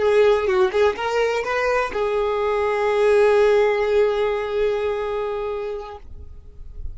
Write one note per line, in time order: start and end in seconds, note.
0.00 0.48 G#4
0.48 0.72 F#4
0.73 0.96 G#4
0.97 1.44 A#4
1.44 1.92 B4
1.94 5.99 G#4